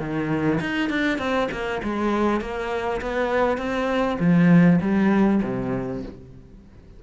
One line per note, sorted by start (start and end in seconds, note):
0.00 0.60 D#3
0.61 0.90 D#4
0.90 1.19 D4
1.19 1.49 C4
1.52 1.82 A#3
1.84 2.41 G#3
2.41 3.01 A#3
3.02 3.58 B3
3.58 4.18 C4
4.20 4.80 F3
4.82 5.42 G3
5.43 6.03 C3